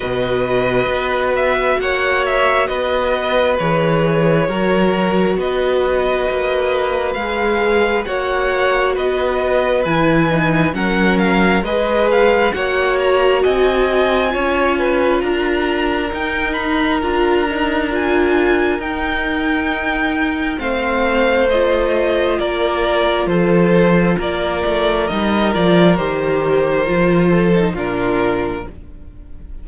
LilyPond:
<<
  \new Staff \with { instrumentName = "violin" } { \time 4/4 \tempo 4 = 67 dis''4. e''8 fis''8 e''8 dis''4 | cis''2 dis''2 | f''4 fis''4 dis''4 gis''4 | fis''8 f''8 dis''8 f''8 fis''8 ais''8 gis''4~ |
gis''4 ais''4 g''8 b''8 ais''4 | gis''4 g''2 f''4 | dis''4 d''4 c''4 d''4 | dis''8 d''8 c''2 ais'4 | }
  \new Staff \with { instrumentName = "violin" } { \time 4/4 b'2 cis''4 b'4~ | b'4 ais'4 b'2~ | b'4 cis''4 b'2 | ais'4 b'4 cis''4 dis''4 |
cis''8 b'8 ais'2.~ | ais'2. c''4~ | c''4 ais'4 a'4 ais'4~ | ais'2~ ais'8 a'8 f'4 | }
  \new Staff \with { instrumentName = "viola" } { \time 4/4 fis'1 | gis'4 fis'2. | gis'4 fis'2 e'8 dis'8 | cis'4 gis'4 fis'2 |
f'2 dis'4 f'8 dis'8 | f'4 dis'2 c'4 | f'1 | dis'8 f'8 g'4 f'8. dis'16 d'4 | }
  \new Staff \with { instrumentName = "cello" } { \time 4/4 b,4 b4 ais4 b4 | e4 fis4 b4 ais4 | gis4 ais4 b4 e4 | fis4 gis4 ais4 c'4 |
cis'4 d'4 dis'4 d'4~ | d'4 dis'2 a4~ | a4 ais4 f4 ais8 a8 | g8 f8 dis4 f4 ais,4 | }
>>